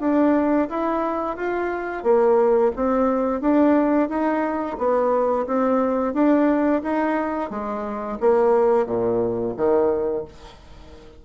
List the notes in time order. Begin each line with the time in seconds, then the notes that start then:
0.00 D4
0.69 E4
1.36 F4
2.03 A#3
2.76 C4
3.41 D4
4.09 D#4
4.78 B3
5.46 C4
6.14 D4
6.82 D#4
7.50 G#3
8.20 A#3
8.86 A#2
9.56 D#3